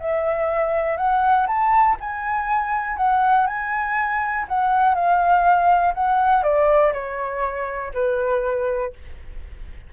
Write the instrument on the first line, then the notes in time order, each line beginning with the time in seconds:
flute
0.00 E5
0.97 F#5
1.47 A5
2.00 G#5
2.98 F#5
3.47 G#5
4.49 F#5
4.95 F5
5.95 F#5
6.43 D5
6.93 C#5
7.94 B4